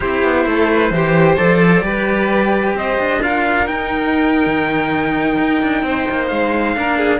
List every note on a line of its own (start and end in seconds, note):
0.00 0.23 C4
0.00 0.92 E4
0.00 0.46 G4
0.00 1.36 C5
0.23 0.45 B3
0.45 0.90 A3
0.45 0.72 A4
0.72 0.93 B4
0.90 1.36 E3
0.90 1.36 G4
0.90 1.84 C5
1.36 1.82 F3
1.36 1.81 A4
1.36 2.74 D5
1.81 2.73 G3
1.81 3.19 G4
1.81 2.76 B4
2.74 2.97 C4
2.74 3.22 C5
2.74 3.23 D#5
2.99 3.68 D4
3.22 3.66 F4
3.22 5.84 A#4
3.22 3.67 F5
3.66 6.75 D#4
3.66 4.46 D#4
3.66 6.28 G5
4.46 5.37 D#3
5.38 5.61 D#4
5.61 5.82 D4
5.82 6.05 C4
5.82 6.76 C5
6.11 6.30 A#3
6.28 6.76 G#3
6.28 7.19 F5
6.75 7.20 A#3
6.75 7.20 D4
6.75 6.97 A#4
6.97 7.20 G#4